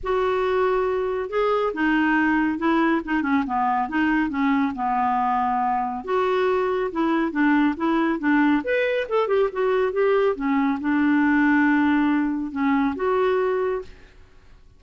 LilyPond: \new Staff \with { instrumentName = "clarinet" } { \time 4/4 \tempo 4 = 139 fis'2. gis'4 | dis'2 e'4 dis'8 cis'8 | b4 dis'4 cis'4 b4~ | b2 fis'2 |
e'4 d'4 e'4 d'4 | b'4 a'8 g'8 fis'4 g'4 | cis'4 d'2.~ | d'4 cis'4 fis'2 | }